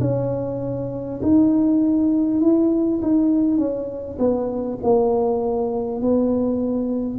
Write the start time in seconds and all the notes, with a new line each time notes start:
0.00 C#4
1.22 D#4
2.40 E4
3.02 D#4
3.57 C#4
4.18 B3
4.83 A#3
6.01 B3